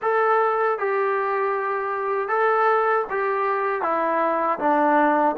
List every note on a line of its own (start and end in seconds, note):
0.01 0.78 A4
0.78 2.28 G4
2.28 3.05 A4
3.10 3.81 G4
3.81 4.58 E4
4.59 5.36 D4